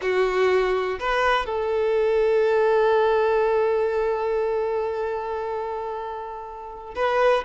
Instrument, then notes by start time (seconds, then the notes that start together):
violin
0.01 F#4
0.99 B4
1.46 A4
6.95 B4